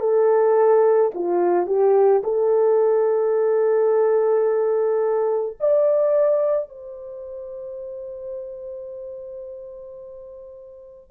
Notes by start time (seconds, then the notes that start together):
0.00 A4
1.15 F4
1.66 G4
2.24 A4
5.60 D5
6.69 C5